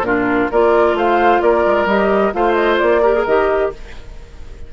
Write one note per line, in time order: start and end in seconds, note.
0.00 0.46 A#2
0.00 0.50 D4
0.00 0.51 F4
0.00 0.49 A#4
0.51 0.93 A#3
0.51 1.87 F4
0.51 0.96 A#4
0.51 0.97 D5
0.93 1.39 A3
0.93 1.41 C5
0.93 1.41 F5
1.41 1.64 A#3
1.41 2.33 A#4
1.41 1.87 D5
1.66 1.85 G#3
1.85 2.31 G3
1.85 2.32 G4
1.85 2.33 D#5
2.32 2.80 A3
2.32 3.01 F4
2.32 3.01 C5
2.32 2.53 F5
2.53 2.76 D#5
2.77 3.26 A#3
2.77 3.23 D5
3.01 3.14 G4
3.01 3.70 A#4
3.14 3.25 G#4
3.25 3.72 D#3
3.25 3.73 G4
3.25 3.71 D#5